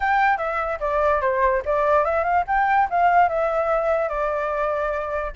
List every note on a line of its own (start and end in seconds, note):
0.00 0.37 G5
0.37 0.78 E5
0.80 1.21 D5
1.21 1.62 C5
1.65 2.05 D5
2.05 2.24 E5
2.24 2.44 F5
2.47 2.88 G5
2.90 3.29 F5
3.29 4.08 E5
4.08 5.31 D5